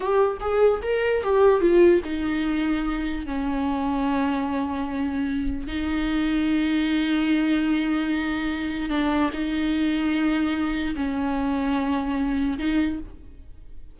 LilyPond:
\new Staff \with { instrumentName = "viola" } { \time 4/4 \tempo 4 = 148 g'4 gis'4 ais'4 g'4 | f'4 dis'2. | cis'1~ | cis'2 dis'2~ |
dis'1~ | dis'2 d'4 dis'4~ | dis'2. cis'4~ | cis'2. dis'4 | }